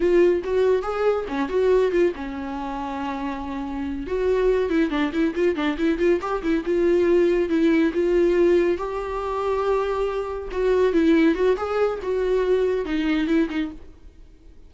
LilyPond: \new Staff \with { instrumentName = "viola" } { \time 4/4 \tempo 4 = 140 f'4 fis'4 gis'4 cis'8 fis'8~ | fis'8 f'8 cis'2.~ | cis'4. fis'4. e'8 d'8 | e'8 f'8 d'8 e'8 f'8 g'8 e'8 f'8~ |
f'4. e'4 f'4.~ | f'8 g'2.~ g'8~ | g'8 fis'4 e'4 fis'8 gis'4 | fis'2 dis'4 e'8 dis'8 | }